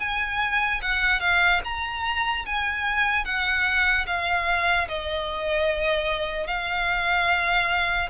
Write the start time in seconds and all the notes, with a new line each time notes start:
0.00 G#5
0.81 F#5
1.20 F5
1.64 A#5
2.46 G#5
3.25 F#5
4.07 F5
4.88 D#5
6.47 F5